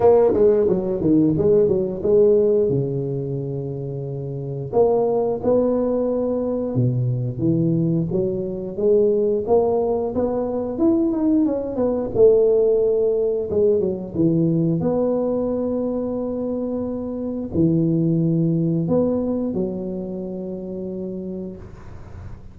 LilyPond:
\new Staff \with { instrumentName = "tuba" } { \time 4/4 \tempo 4 = 89 ais8 gis8 fis8 dis8 gis8 fis8 gis4 | cis2. ais4 | b2 b,4 e4 | fis4 gis4 ais4 b4 |
e'8 dis'8 cis'8 b8 a2 | gis8 fis8 e4 b2~ | b2 e2 | b4 fis2. | }